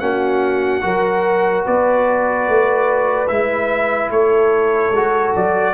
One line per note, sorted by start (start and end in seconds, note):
0.00 0.84 A#3
0.00 0.81 C#4
0.00 0.84 F#4
0.00 1.64 F#5
0.81 1.66 F#3
0.81 3.28 F#4
0.81 1.66 A#4
1.66 2.49 B3
1.66 4.12 B4
1.66 3.28 D5
2.49 3.31 A3
3.28 4.11 G#3
3.28 4.94 E4
3.28 4.10 E5
4.11 4.91 A3
4.11 5.75 A4
4.11 5.35 C#5
4.91 5.32 G#3
4.91 5.75 F#4
5.36 5.75 F#3
5.36 5.75 D5